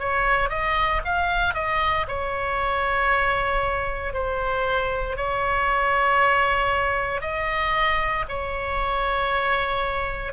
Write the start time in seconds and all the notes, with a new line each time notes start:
0.00 C#5
0.50 D#5
1.05 F5
1.55 D#5
2.08 C#5
4.14 C5
5.17 C#5
7.22 D#5
8.29 C#5